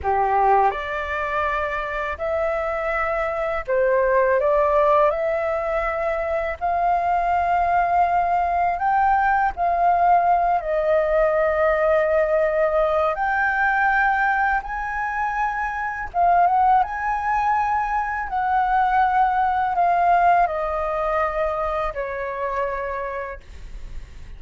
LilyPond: \new Staff \with { instrumentName = "flute" } { \time 4/4 \tempo 4 = 82 g'4 d''2 e''4~ | e''4 c''4 d''4 e''4~ | e''4 f''2. | g''4 f''4. dis''4.~ |
dis''2 g''2 | gis''2 f''8 fis''8 gis''4~ | gis''4 fis''2 f''4 | dis''2 cis''2 | }